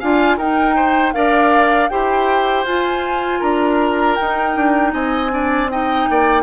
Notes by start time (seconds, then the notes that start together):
0.00 D4 F4 F5 G#5
0.38 D#4 A#4 G5
0.76 C5
1.13 D4 A#4 D5 F5
1.89 E4 G4 C5 G5
2.65 F4 G#5
3.40 D4 A#4 A#5
4.16 D#4 G5
4.56 D4
4.93 C4 D#5 G#5
5.30 D4 D5
5.70 D#4 D#5 G5
6.10 A#3 D5